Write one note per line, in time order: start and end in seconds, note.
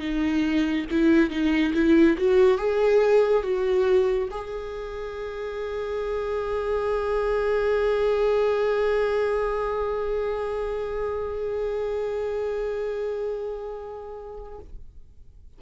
0.00 0.86 D#4
0.91 1.31 E4
1.31 1.73 D#4
1.74 2.17 E4
2.18 2.58 F#4
2.58 3.43 G#4
3.43 4.29 F#4
4.31 14.59 G#4